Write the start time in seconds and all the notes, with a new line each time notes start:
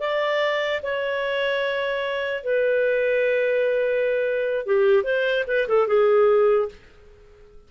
0.00 D5
0.83 C#5
2.44 B4
4.66 G4
5.04 C5
5.48 B4
5.68 A4
5.88 G#4